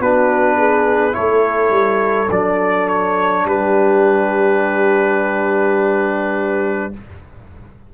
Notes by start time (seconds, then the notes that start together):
0.00 B3 D4 F#4 B4
0.57 G#4
1.12 A3 E4 A4 C#5
1.70 G3
2.30 F#3 D4 D5
2.88 C#5
3.45 G3 G4 B4